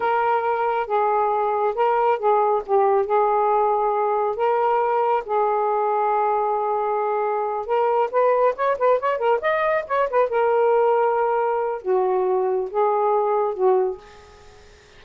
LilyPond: \new Staff \with { instrumentName = "saxophone" } { \time 4/4 \tempo 4 = 137 ais'2 gis'2 | ais'4 gis'4 g'4 gis'4~ | gis'2 ais'2 | gis'1~ |
gis'4. ais'4 b'4 cis''8 | b'8 cis''8 ais'8 dis''4 cis''8 b'8 ais'8~ | ais'2. fis'4~ | fis'4 gis'2 fis'4 | }